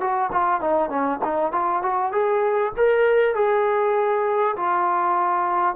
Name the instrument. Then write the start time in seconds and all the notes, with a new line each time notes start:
trombone
0.00 F#4
0.32 F4
0.61 D#4
0.89 C#4
1.24 D#4
1.52 F4
1.82 F#4
2.12 G#4
2.77 A#4
3.35 G#4
4.56 F4